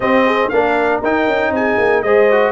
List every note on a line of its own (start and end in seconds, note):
0.00 0.49 C4
0.00 0.52 C4
0.00 0.25 G4
0.00 0.49 D#5
0.25 0.50 G#4
0.49 1.02 A#3
0.49 1.03 D4
0.49 1.53 A#4
0.49 1.00 F5
1.02 1.27 D#4
1.02 2.05 D#4
1.02 1.54 G5
1.27 1.51 C#4
1.51 1.76 C4
1.51 2.03 G#4
1.51 2.02 G#5
1.78 2.03 A#3
2.02 2.51 G#3
2.02 2.30 G#4
2.02 2.51 C5
2.02 2.51 D#5
2.30 2.51 F#4